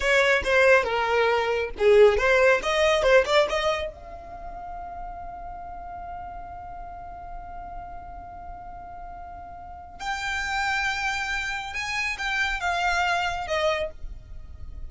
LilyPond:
\new Staff \with { instrumentName = "violin" } { \time 4/4 \tempo 4 = 138 cis''4 c''4 ais'2 | gis'4 c''4 dis''4 c''8 d''8 | dis''4 f''2.~ | f''1~ |
f''1~ | f''2. g''4~ | g''2. gis''4 | g''4 f''2 dis''4 | }